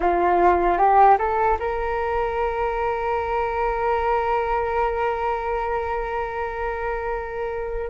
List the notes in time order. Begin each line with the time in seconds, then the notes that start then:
0.00 F4
0.77 G4
1.18 A4
1.59 A#4